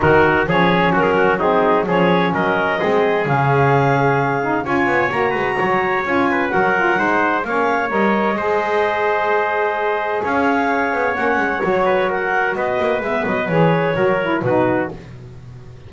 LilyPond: <<
  \new Staff \with { instrumentName = "clarinet" } { \time 4/4 \tempo 4 = 129 ais'4 cis''4 ais'4 gis'4 | cis''4 dis''2 f''4~ | f''2 gis''4 ais''4~ | ais''4 gis''4 fis''2 |
f''4 dis''2.~ | dis''2 f''2 | fis''4 cis''4 fis''4 dis''4 | e''8 dis''8 cis''2 b'4 | }
  \new Staff \with { instrumentName = "trumpet" } { \time 4/4 fis'4 gis'4 fis'16 gis'16 fis'8 dis'4 | gis'4 ais'4 gis'2~ | gis'2 cis''4. b'8 | cis''4. b'8 ais'4 c''4 |
cis''2 c''2~ | c''2 cis''2~ | cis''4. b'8 ais'4 b'4~ | b'2 ais'4 fis'4 | }
  \new Staff \with { instrumentName = "saxophone" } { \time 4/4 dis'4 cis'2 c'4 | cis'2 c'4 cis'4~ | cis'4. dis'8 f'4 fis'4~ | fis'4 f'4 fis'8 f'8 dis'4 |
cis'4 ais'4 gis'2~ | gis'1 | cis'4 fis'2. | b4 gis'4 fis'8 e'8 dis'4 | }
  \new Staff \with { instrumentName = "double bass" } { \time 4/4 dis4 f4 fis2 | f4 fis4 gis4 cis4~ | cis2 cis'8 b8 ais8 gis8 | fis4 cis'4 fis4 gis4 |
ais4 g4 gis2~ | gis2 cis'4. b8 | ais8 gis8 fis2 b8 ais8 | gis8 fis8 e4 fis4 b,4 | }
>>